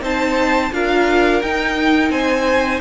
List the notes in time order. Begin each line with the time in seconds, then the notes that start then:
0.00 C4 D#4 C5 A5
0.72 D4 F4 A#4 F5
1.41 D#4 G5
2.10 C4 C5 G#5